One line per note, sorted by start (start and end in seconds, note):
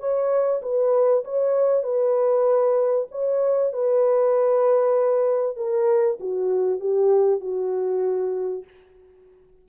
0.00 0.62 C#5
0.62 1.24 B4
1.25 1.84 C#5
1.84 3.08 B4
3.12 3.73 C#5
3.73 5.57 B4
5.57 6.19 A#4
6.21 6.80 F#4
6.80 7.41 G4
7.41 8.65 F#4